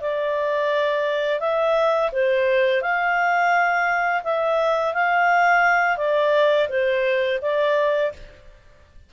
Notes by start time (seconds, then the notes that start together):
0.00 D5
1.40 E5
2.12 C5
2.81 F5
4.23 E5
4.93 F5
5.97 D5
6.68 C5
7.41 D5